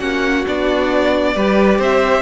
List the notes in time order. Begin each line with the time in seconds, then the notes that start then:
0.00 A#3 C#4 F#4 F#5
0.47 B3 D4 D5
1.36 G3 G4 B4
1.79 C4 C5 E5